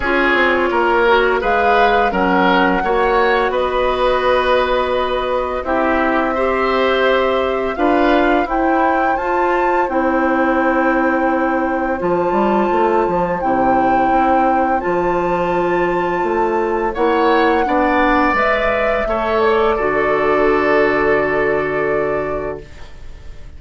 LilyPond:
<<
  \new Staff \with { instrumentName = "flute" } { \time 4/4 \tempo 4 = 85 cis''2 f''4 fis''4~ | fis''4 dis''2. | e''2. f''4 | g''4 a''4 g''2~ |
g''4 a''2 g''4~ | g''4 a''2. | fis''2 e''4. d''8~ | d''1 | }
  \new Staff \with { instrumentName = "oboe" } { \time 4/4 gis'4 ais'4 b'4 ais'4 | cis''4 b'2. | g'4 c''2 b'4 | c''1~ |
c''1~ | c''1 | cis''4 d''2 cis''4 | a'1 | }
  \new Staff \with { instrumentName = "clarinet" } { \time 4/4 f'4. fis'8 gis'4 cis'4 | fis'1 | e'4 g'2 f'4 | e'4 f'4 e'2~ |
e'4 f'2 e'4~ | e'4 f'2. | e'4 d'4 b'4 a'4 | fis'1 | }
  \new Staff \with { instrumentName = "bassoon" } { \time 4/4 cis'8 c'8 ais4 gis4 fis4 | ais4 b2. | c'2. d'4 | e'4 f'4 c'2~ |
c'4 f8 g8 a8 f8 c4 | c'4 f2 a4 | ais4 b4 gis4 a4 | d1 | }
>>